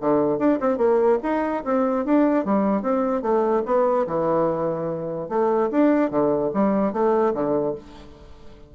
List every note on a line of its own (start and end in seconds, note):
0.00 0.38 D3
0.38 0.59 D4
0.60 0.77 C4
0.77 1.18 A#3
1.22 1.63 D#4
1.64 2.05 C4
2.05 2.44 D4
2.44 2.82 G3
2.82 3.22 C4
3.22 3.63 A3
3.65 4.06 B3
4.06 5.29 E3
5.29 5.69 A3
5.71 6.10 D4
6.10 6.51 D3
6.53 6.92 G3
6.92 7.33 A3
7.34 7.74 D3